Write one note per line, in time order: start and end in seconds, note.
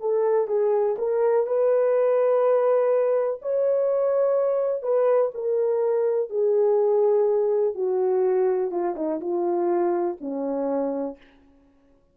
0.00 0.47 A4
0.47 0.95 G#4
0.98 1.46 A#4
1.46 3.40 B4
3.42 4.83 C#5
4.83 5.31 B4
5.34 6.30 A#4
6.30 7.75 G#4
7.75 8.71 F#4
8.71 8.95 F4
8.96 9.20 D#4
9.21 10.17 F4
10.21 11.17 C#4